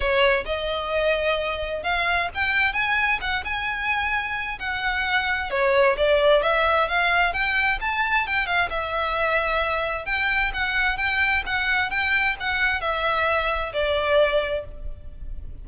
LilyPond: \new Staff \with { instrumentName = "violin" } { \time 4/4 \tempo 4 = 131 cis''4 dis''2. | f''4 g''4 gis''4 fis''8 gis''8~ | gis''2 fis''2 | cis''4 d''4 e''4 f''4 |
g''4 a''4 g''8 f''8 e''4~ | e''2 g''4 fis''4 | g''4 fis''4 g''4 fis''4 | e''2 d''2 | }